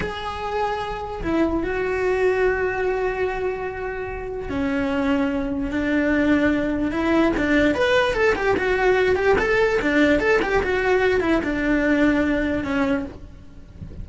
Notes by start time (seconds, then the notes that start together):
0.00 G#4
1.22 E4
1.63 F#4
4.49 C#4
5.70 D4
6.91 E4
7.36 D4
7.75 B4
8.13 A4
8.35 G4
8.56 F#4
9.15 G4
9.38 A4
9.81 D4
10.19 A4
10.42 G4
10.63 F#4
11.20 E4
11.43 D4
12.64 C#4